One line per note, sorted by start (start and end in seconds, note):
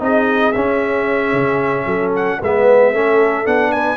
0.00 0.54 C4
0.00 0.53 D#4
0.00 1.86 G#4
0.00 0.53 D#5
0.53 1.33 C#4
0.53 2.42 C#4
0.53 2.12 E5
1.33 1.86 C#3
1.86 2.39 F#3
1.86 2.39 A4
2.16 2.42 F#5
2.40 2.94 G#3
2.40 2.95 B3
2.40 2.92 B4
2.40 3.47 E5
2.92 3.47 A3
2.92 3.45 C#4
2.92 3.72 A4
3.45 3.97 B3
3.45 3.97 D4
3.45 3.72 F#5
3.72 3.97 B4
3.72 3.97 G#5